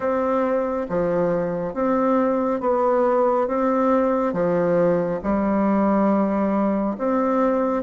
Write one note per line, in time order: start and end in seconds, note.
0.00 0.87 C4
0.89 1.74 F3
1.74 2.60 C4
2.60 3.47 B3
3.47 4.33 C4
4.33 5.20 F3
5.23 6.96 G3
6.98 7.83 C4